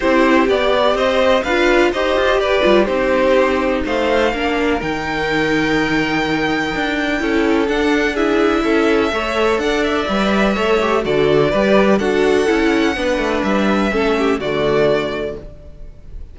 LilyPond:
<<
  \new Staff \with { instrumentName = "violin" } { \time 4/4 \tempo 4 = 125 c''4 d''4 dis''4 f''4 | dis''4 d''4 c''2 | f''2 g''2~ | g''1 |
fis''4 e''2. | fis''8 e''2~ e''8 d''4~ | d''4 fis''2. | e''2 d''2 | }
  \new Staff \with { instrumentName = "violin" } { \time 4/4 g'2 c''4 b'4 | c''4 b'4 g'2 | c''4 ais'2.~ | ais'2. a'4~ |
a'4 gis'4 a'4 cis''4 | d''2 cis''4 a'4 | b'4 a'2 b'4~ | b'4 a'8 g'8 fis'2 | }
  \new Staff \with { instrumentName = "viola" } { \time 4/4 e'4 g'2 f'4 | g'4. f'8 dis'2~ | dis'4 d'4 dis'2~ | dis'2. e'4 |
d'4 e'2 a'4~ | a'4 b'4 a'8 g'8 fis'4 | g'4 fis'4 e'4 d'4~ | d'4 cis'4 a2 | }
  \new Staff \with { instrumentName = "cello" } { \time 4/4 c'4 b4 c'4 d'4 | dis'8 f'8 g'8 g8 c'2 | a4 ais4 dis2~ | dis2 d'4 cis'4 |
d'2 cis'4 a4 | d'4 g4 a4 d4 | g4 d'4 cis'4 b8 a8 | g4 a4 d2 | }
>>